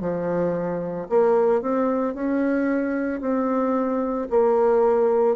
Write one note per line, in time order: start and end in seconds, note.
0.00 1.07 F3
1.09 1.61 A#3
1.61 2.14 C4
2.14 3.20 C#4
3.20 4.28 C4
4.30 5.36 A#3